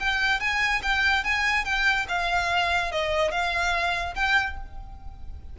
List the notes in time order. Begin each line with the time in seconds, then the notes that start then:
0.00 G5
0.41 G#5
0.83 G5
1.24 G#5
1.65 G5
2.09 F5
2.92 D#5
3.32 F5
4.16 G5